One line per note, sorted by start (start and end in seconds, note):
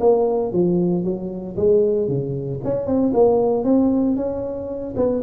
0.00 0.52 A#3
0.53 1.04 F3
1.04 1.56 F#3
1.56 2.08 G#3
2.08 2.60 C#3
2.64 2.86 C#4
2.86 3.12 C4
3.14 3.64 A#3
3.64 4.16 C4
4.16 4.95 C#4
4.96 5.22 B3